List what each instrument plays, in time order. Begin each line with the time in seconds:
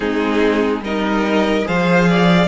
0.00 cello G#3, viola C4, violin D#4 G#4
0.80 cello G3, viola D#4, violin A#4 D#5
1.65 cello F3, viola G#4, violin C5 F5
2.09 violin D5